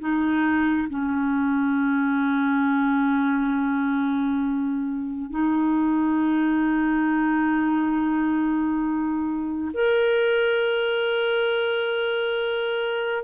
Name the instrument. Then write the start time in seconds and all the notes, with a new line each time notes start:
clarinet
0.00 D#4
0.89 C#4
5.31 D#4
9.74 A#4